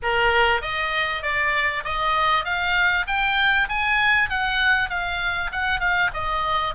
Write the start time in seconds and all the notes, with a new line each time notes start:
0.02 A#4
0.61 D#5
1.22 D5
1.84 D#5
2.45 F5
3.07 G5
3.68 G#5
4.29 F#5
4.89 F5
5.51 F#5
5.79 F5
6.13 D#5